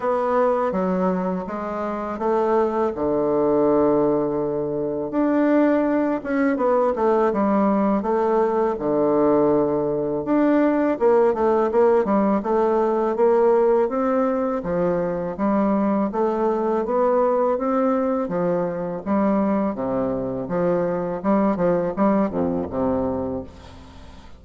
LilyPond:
\new Staff \with { instrumentName = "bassoon" } { \time 4/4 \tempo 4 = 82 b4 fis4 gis4 a4 | d2. d'4~ | d'8 cis'8 b8 a8 g4 a4 | d2 d'4 ais8 a8 |
ais8 g8 a4 ais4 c'4 | f4 g4 a4 b4 | c'4 f4 g4 c4 | f4 g8 f8 g8 f,8 c4 | }